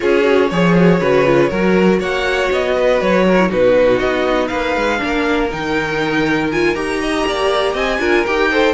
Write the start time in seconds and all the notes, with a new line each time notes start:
0.00 C#4 F4 G#4 C#5
0.22 F#4
0.50 F3 G#4 C#5
0.77 F#4
1.00 C#3 F#4 B4
1.25 F4
1.49 F#3 F#4 A#4
1.99 A#3 C#5 F#5
2.51 B3 D#5
2.75 B4
3.01 F#3 C#5
3.27 A#4
3.38 E4
3.48 B2 D#4 F#4 B4
3.99 B3 D#5
4.47 A#3 B4 F5
4.76 G#3
4.97 A#3 D4
5.04 A#4
5.51 D#3 D#4 G5
6.51 F4 G#5
6.75 D#4 G4 A#5
7.01 D#5
7.26 A#3 D5
7.73 C4 D#5 G#5
7.99 D4 F4 A#4
8.25 D#4 G4 G5
8.51 A4 C5